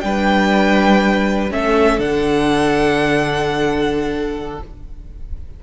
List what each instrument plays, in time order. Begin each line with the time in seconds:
0.00 cello G3, viola D4, violin B4 G5
1.50 cello A3, viola C#4, violin A4 E5
1.98 cello D3, viola D4, violin F#5